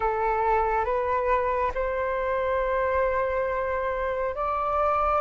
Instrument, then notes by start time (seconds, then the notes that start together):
flute
0.00 A4
0.85 B4
1.74 C5
4.35 D5